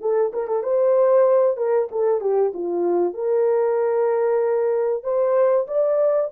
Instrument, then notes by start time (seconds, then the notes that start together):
horn
0.00 A4
0.33 A#4
0.47 A4
0.63 C5
1.57 A#4
1.91 A4
2.20 G4
2.53 F4
3.13 A#4
5.03 C5
5.67 D5